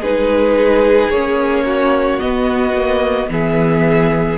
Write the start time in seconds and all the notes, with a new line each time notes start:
0.00 G#3 D#4 G#4 B4
1.10 A#3 C#4 C#5
1.65 F#4
2.20 B3 D#5
2.76 A#3
3.29 E3 B3 G#4 E5